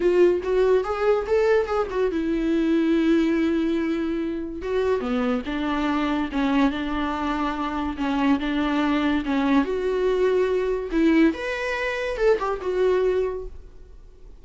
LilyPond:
\new Staff \with { instrumentName = "viola" } { \time 4/4 \tempo 4 = 143 f'4 fis'4 gis'4 a'4 | gis'8 fis'8 e'2.~ | e'2. fis'4 | b4 d'2 cis'4 |
d'2. cis'4 | d'2 cis'4 fis'4~ | fis'2 e'4 b'4~ | b'4 a'8 g'8 fis'2 | }